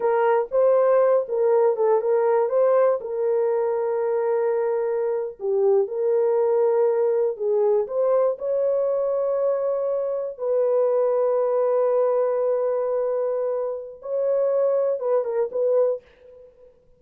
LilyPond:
\new Staff \with { instrumentName = "horn" } { \time 4/4 \tempo 4 = 120 ais'4 c''4. ais'4 a'8 | ais'4 c''4 ais'2~ | ais'2~ ais'8. g'4 ais'16~ | ais'2~ ais'8. gis'4 c''16~ |
c''8. cis''2.~ cis''16~ | cis''8. b'2.~ b'16~ | b'1 | cis''2 b'8 ais'8 b'4 | }